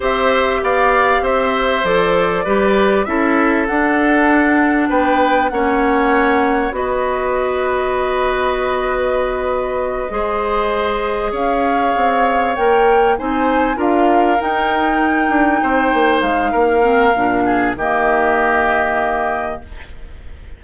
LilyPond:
<<
  \new Staff \with { instrumentName = "flute" } { \time 4/4 \tempo 4 = 98 e''4 f''4 e''4 d''4~ | d''4 e''4 fis''2 | g''4 fis''2 dis''4~ | dis''1~ |
dis''2~ dis''8 f''4.~ | f''8 g''4 gis''4 f''4 g''8~ | g''2~ g''8 f''4.~ | f''4 dis''2. | }
  \new Staff \with { instrumentName = "oboe" } { \time 4/4 c''4 d''4 c''2 | b'4 a'2. | b'4 cis''2 b'4~ | b'1~ |
b'8 c''2 cis''4.~ | cis''4. c''4 ais'4.~ | ais'4. c''4. ais'4~ | ais'8 gis'8 g'2. | }
  \new Staff \with { instrumentName = "clarinet" } { \time 4/4 g'2. a'4 | g'4 e'4 d'2~ | d'4 cis'2 fis'4~ | fis'1~ |
fis'8 gis'2.~ gis'8~ | gis'8 ais'4 dis'4 f'4 dis'8~ | dis'2.~ dis'8 c'8 | d'4 ais2. | }
  \new Staff \with { instrumentName = "bassoon" } { \time 4/4 c'4 b4 c'4 f4 | g4 cis'4 d'2 | b4 ais2 b4~ | b1~ |
b8 gis2 cis'4 c'8~ | c'8 ais4 c'4 d'4 dis'8~ | dis'4 d'8 c'8 ais8 gis8 ais4 | ais,4 dis2. | }
>>